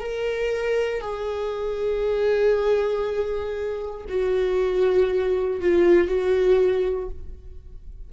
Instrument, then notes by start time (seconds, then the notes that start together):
viola
0.00 A#4
1.01 G#4
4.09 F#4
5.61 F4
6.08 F#4